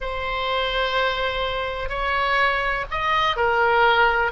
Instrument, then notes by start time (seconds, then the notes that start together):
oboe
0.00 C5
1.89 C#5
2.91 D#5
3.36 A#4